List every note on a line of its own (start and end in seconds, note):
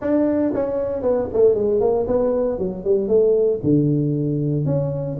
0.01 0.52 D4
0.54 1.02 C#4
1.02 1.27 B3
1.33 1.54 A3
1.54 1.80 G#3
1.80 2.06 A#3
2.07 2.58 B3
2.58 2.84 F#3
2.84 3.08 G3
3.08 3.59 A3
3.63 4.65 D3
4.65 5.17 C#4